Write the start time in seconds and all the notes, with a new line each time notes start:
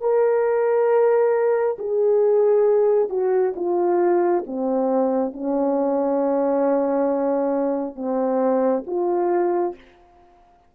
0.00 A#4
1.78 G#4
3.09 F#4
3.55 F4
4.46 C4
5.33 C#4
7.95 C4
8.86 F4